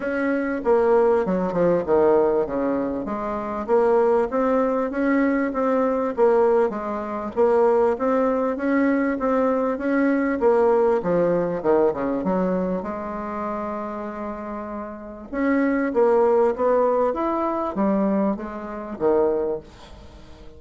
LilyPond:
\new Staff \with { instrumentName = "bassoon" } { \time 4/4 \tempo 4 = 98 cis'4 ais4 fis8 f8 dis4 | cis4 gis4 ais4 c'4 | cis'4 c'4 ais4 gis4 | ais4 c'4 cis'4 c'4 |
cis'4 ais4 f4 dis8 cis8 | fis4 gis2.~ | gis4 cis'4 ais4 b4 | e'4 g4 gis4 dis4 | }